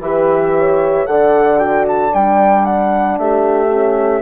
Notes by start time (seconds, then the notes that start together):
0.00 E3 G4 B4 E5
0.58 C#5
1.06 D3 A4 D5 F#5
1.58 F#4 G5
1.88 A5
2.13 G3 D4 G5
2.65 F#5
3.18 A3 G4 E5
3.69 C#4